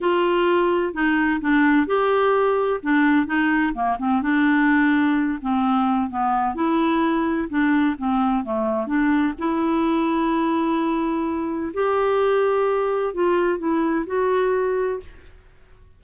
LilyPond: \new Staff \with { instrumentName = "clarinet" } { \time 4/4 \tempo 4 = 128 f'2 dis'4 d'4 | g'2 d'4 dis'4 | ais8 c'8 d'2~ d'8 c'8~ | c'4 b4 e'2 |
d'4 c'4 a4 d'4 | e'1~ | e'4 g'2. | f'4 e'4 fis'2 | }